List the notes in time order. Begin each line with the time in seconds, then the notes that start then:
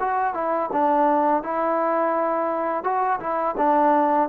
0.00 F#4
0.34 E4
0.72 D4
1.43 E4
2.84 F#4
3.20 E4
3.58 D4